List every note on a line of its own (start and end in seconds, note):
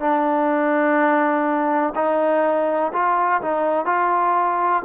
0.00 1.94 D4
1.95 2.92 D#4
2.93 3.41 F4
3.42 3.86 D#4
3.86 4.83 F4